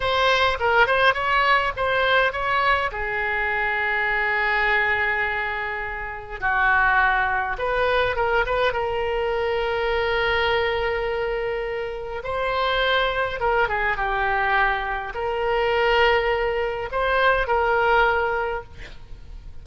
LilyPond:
\new Staff \with { instrumentName = "oboe" } { \time 4/4 \tempo 4 = 103 c''4 ais'8 c''8 cis''4 c''4 | cis''4 gis'2.~ | gis'2. fis'4~ | fis'4 b'4 ais'8 b'8 ais'4~ |
ais'1~ | ais'4 c''2 ais'8 gis'8 | g'2 ais'2~ | ais'4 c''4 ais'2 | }